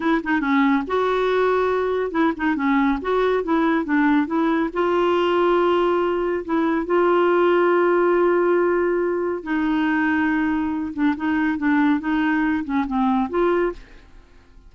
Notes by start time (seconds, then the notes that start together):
0.00 E4
0.23 D#4
0.40 C#4
0.87 F#4
2.11 E4
2.36 D#4
2.55 C#4
3.01 F#4
3.43 E4
3.85 D4
4.26 E4
4.73 F4
6.44 E4
6.86 F4
9.43 D#4
10.93 D4
11.16 D#4
11.58 D4
11.99 D#4
12.64 C#4
12.86 C4
13.29 F4